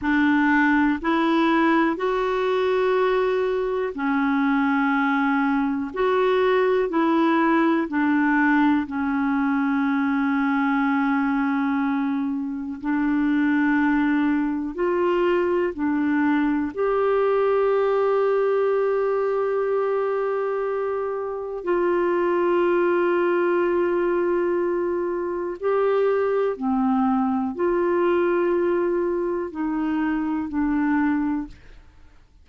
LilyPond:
\new Staff \with { instrumentName = "clarinet" } { \time 4/4 \tempo 4 = 61 d'4 e'4 fis'2 | cis'2 fis'4 e'4 | d'4 cis'2.~ | cis'4 d'2 f'4 |
d'4 g'2.~ | g'2 f'2~ | f'2 g'4 c'4 | f'2 dis'4 d'4 | }